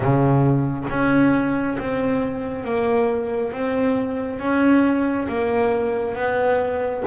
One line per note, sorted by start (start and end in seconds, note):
0.00 0.87 C#3
0.89 1.77 C#4
1.78 2.64 C4
2.64 3.52 A#3
3.52 4.39 C4
4.39 5.27 C#4
5.28 6.15 A#3
6.15 7.03 B3